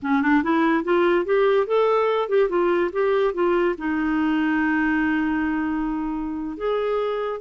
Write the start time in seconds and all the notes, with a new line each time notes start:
0.02 C#4
0.22 D4
0.43 E4
0.84 F4
1.25 G4
1.66 A4
2.28 G4
2.49 F4
2.92 G4
3.33 F4
3.78 D#4
6.57 G#4